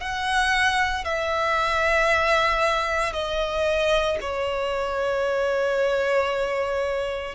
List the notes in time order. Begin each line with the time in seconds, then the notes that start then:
0.00 F#5
1.04 E5
3.12 D#5
4.21 C#5